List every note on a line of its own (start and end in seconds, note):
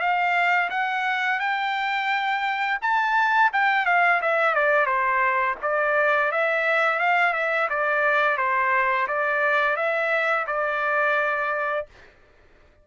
0.00 0.70 F5
0.70 1.40 F#5
1.40 2.79 G5
2.82 3.51 A5
3.53 3.86 G5
3.86 4.21 F5
4.22 4.55 E5
4.55 4.86 D5
4.86 5.56 C5
5.62 6.31 D5
6.31 6.99 E5
6.99 7.34 F5
7.34 7.68 E5
7.70 8.37 D5
8.37 9.07 C5
9.08 9.76 D5
9.76 10.46 E5
10.47 11.86 D5